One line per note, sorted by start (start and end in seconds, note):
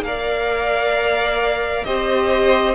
0.00 1.82 A#3
0.00 1.84 F5
0.06 1.85 A#4
0.06 1.86 D5
1.84 2.75 C4
1.84 2.75 G4
1.84 2.75 C5
1.84 2.75 D#5